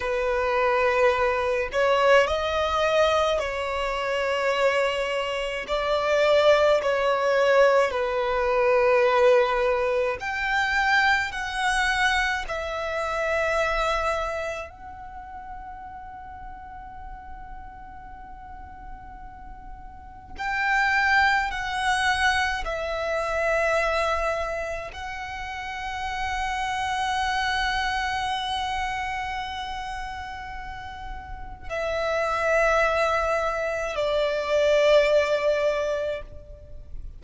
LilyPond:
\new Staff \with { instrumentName = "violin" } { \time 4/4 \tempo 4 = 53 b'4. cis''8 dis''4 cis''4~ | cis''4 d''4 cis''4 b'4~ | b'4 g''4 fis''4 e''4~ | e''4 fis''2.~ |
fis''2 g''4 fis''4 | e''2 fis''2~ | fis''1 | e''2 d''2 | }